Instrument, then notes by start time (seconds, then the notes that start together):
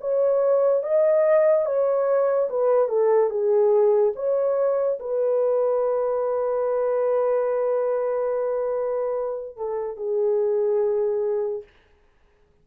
horn
0.00 C#5
0.83 D#5
1.65 C#5
2.50 B4
2.88 A4
3.30 G#4
4.15 C#5
5.00 B4
9.56 A4
9.96 G#4